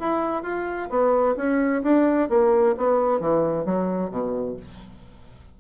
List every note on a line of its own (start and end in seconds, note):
0.00 0.43 E4
0.43 0.90 F4
0.90 1.36 B3
1.37 1.83 C#4
1.83 2.30 D4
2.30 2.76 A#3
2.78 3.21 B3
3.21 3.66 E3
3.66 4.11 F#3
4.11 4.57 B2